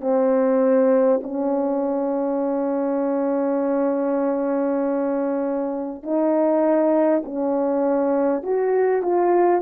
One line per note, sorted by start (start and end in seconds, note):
0.00 1.20 C4
1.23 6.03 C#4
6.03 7.23 D#4
7.24 8.43 C#4
8.43 9.02 F#4
9.02 9.61 F4